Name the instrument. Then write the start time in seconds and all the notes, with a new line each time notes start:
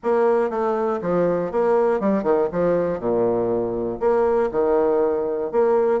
bassoon
0.02 A#3
0.50 A3
1.01 F3
1.51 A#3
2.00 G3
2.23 D#3
2.52 F3
2.99 A#2
4.00 A#3
4.51 D#3
5.51 A#3